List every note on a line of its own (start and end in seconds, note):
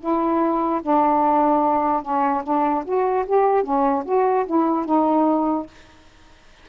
0.00 0.81 E4
0.82 2.03 D4
2.03 2.43 C#4
2.44 2.85 D4
2.85 3.26 F#4
3.27 3.64 G4
3.64 4.04 C#4
4.05 4.46 F#4
4.47 4.86 E4
4.86 5.67 D#4